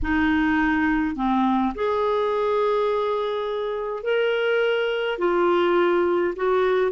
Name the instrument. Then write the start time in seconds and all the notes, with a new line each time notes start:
clarinet
0.02 D#4
1.15 C4
1.74 G#4
4.03 A#4
5.18 F4
6.36 F#4